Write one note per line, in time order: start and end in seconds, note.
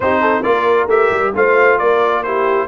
0.00 0.44 C4
0.00 0.43 D#4
0.00 0.21 G4
0.00 0.42 C5
0.21 0.43 A4
0.42 0.87 A#3
0.42 0.88 F4
0.42 1.35 A#4
0.42 0.87 D5
0.87 1.09 A3
0.87 1.34 G4
0.87 1.34 E5
1.11 1.33 G3
1.35 1.80 A3
1.35 2.24 F4
1.35 1.79 C5
1.35 1.78 F5
1.78 2.67 A#3
1.78 2.24 A#4
1.78 2.23 D5
2.23 2.67 E4
2.23 2.67 G4
2.23 2.67 C5